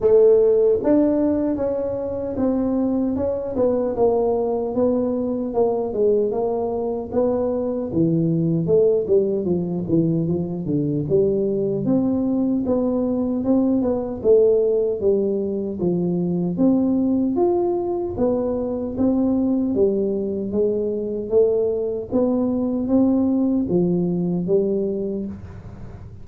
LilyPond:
\new Staff \with { instrumentName = "tuba" } { \time 4/4 \tempo 4 = 76 a4 d'4 cis'4 c'4 | cis'8 b8 ais4 b4 ais8 gis8 | ais4 b4 e4 a8 g8 | f8 e8 f8 d8 g4 c'4 |
b4 c'8 b8 a4 g4 | f4 c'4 f'4 b4 | c'4 g4 gis4 a4 | b4 c'4 f4 g4 | }